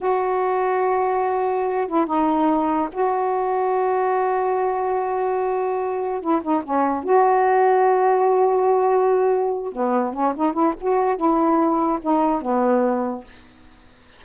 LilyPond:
\new Staff \with { instrumentName = "saxophone" } { \time 4/4 \tempo 4 = 145 fis'1~ | fis'8 e'8 dis'2 fis'4~ | fis'1~ | fis'2. e'8 dis'8 |
cis'4 fis'2.~ | fis'2.~ fis'8 b8~ | b8 cis'8 dis'8 e'8 fis'4 e'4~ | e'4 dis'4 b2 | }